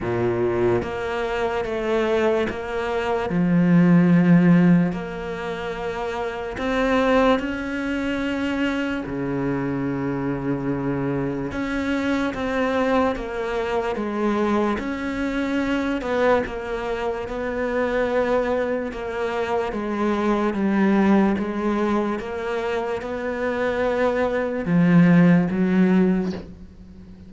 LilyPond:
\new Staff \with { instrumentName = "cello" } { \time 4/4 \tempo 4 = 73 ais,4 ais4 a4 ais4 | f2 ais2 | c'4 cis'2 cis4~ | cis2 cis'4 c'4 |
ais4 gis4 cis'4. b8 | ais4 b2 ais4 | gis4 g4 gis4 ais4 | b2 f4 fis4 | }